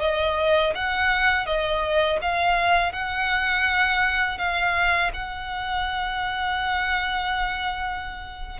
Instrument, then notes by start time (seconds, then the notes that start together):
violin
0.00 D#5
0.75 F#5
1.46 D#5
2.21 F5
2.92 F#5
4.38 F5
5.13 F#5